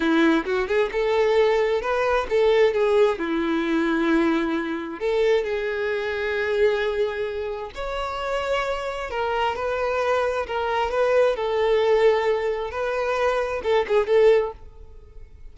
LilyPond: \new Staff \with { instrumentName = "violin" } { \time 4/4 \tempo 4 = 132 e'4 fis'8 gis'8 a'2 | b'4 a'4 gis'4 e'4~ | e'2. a'4 | gis'1~ |
gis'4 cis''2. | ais'4 b'2 ais'4 | b'4 a'2. | b'2 a'8 gis'8 a'4 | }